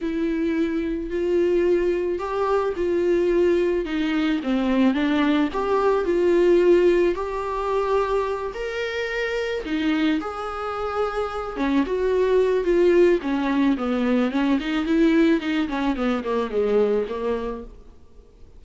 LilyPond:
\new Staff \with { instrumentName = "viola" } { \time 4/4 \tempo 4 = 109 e'2 f'2 | g'4 f'2 dis'4 | c'4 d'4 g'4 f'4~ | f'4 g'2~ g'8 ais'8~ |
ais'4. dis'4 gis'4.~ | gis'4 cis'8 fis'4. f'4 | cis'4 b4 cis'8 dis'8 e'4 | dis'8 cis'8 b8 ais8 gis4 ais4 | }